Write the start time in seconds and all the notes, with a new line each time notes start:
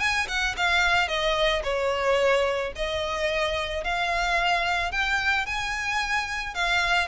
0.00 G#5
0.28 F#5
0.57 F5
1.08 D#5
1.64 C#5
2.76 D#5
3.84 F5
4.92 G5
5.46 G#5
6.55 F5